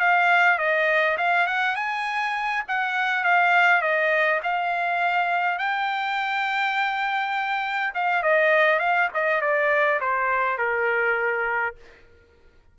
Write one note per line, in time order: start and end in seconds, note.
0.00 0.59 F5
0.59 1.18 D#5
1.18 1.48 F5
1.48 1.76 F#5
1.76 2.64 G#5
2.68 3.25 F#5
3.25 3.82 F5
3.82 4.41 D#5
4.44 5.59 F5
5.59 7.94 G5
7.95 8.23 F5
8.23 8.80 D#5
8.80 9.09 F5
9.14 9.42 D#5
9.42 10.01 D5
10.01 10.59 C5
10.59 11.76 A#4